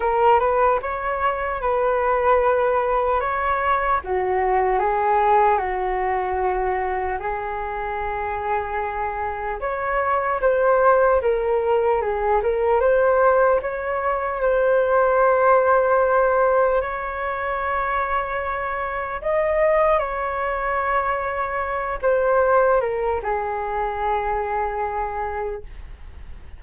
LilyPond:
\new Staff \with { instrumentName = "flute" } { \time 4/4 \tempo 4 = 75 ais'8 b'8 cis''4 b'2 | cis''4 fis'4 gis'4 fis'4~ | fis'4 gis'2. | cis''4 c''4 ais'4 gis'8 ais'8 |
c''4 cis''4 c''2~ | c''4 cis''2. | dis''4 cis''2~ cis''8 c''8~ | c''8 ais'8 gis'2. | }